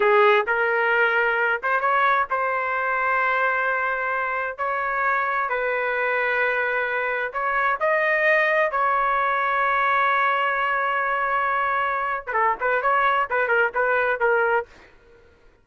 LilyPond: \new Staff \with { instrumentName = "trumpet" } { \time 4/4 \tempo 4 = 131 gis'4 ais'2~ ais'8 c''8 | cis''4 c''2.~ | c''2 cis''2 | b'1 |
cis''4 dis''2 cis''4~ | cis''1~ | cis''2~ cis''8. b'16 a'8 b'8 | cis''4 b'8 ais'8 b'4 ais'4 | }